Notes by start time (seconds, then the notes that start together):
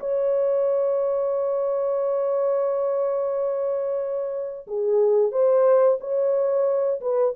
0.00 C#5
4.67 G#4
5.32 C5
6.00 C#5
7.01 B4